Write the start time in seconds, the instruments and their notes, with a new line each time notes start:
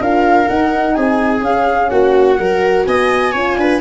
0.00 tuba D4, horn F4, viola A#4, flute F5
0.47 horn D#4, tuba D#4, flute F#5
0.95 tuba C4, viola G#4, flute G#5
1.41 tuba C#4, horn C#4, flute F5
1.89 tuba A#3, viola F#4, flute F#5
2.38 tuba F#3, horn F#4, viola A#4
2.85 tuba B3, viola D#5, flute G#5
3.32 tuba C#4, horn F4, viola C#5
3.57 tuba D4, viola B4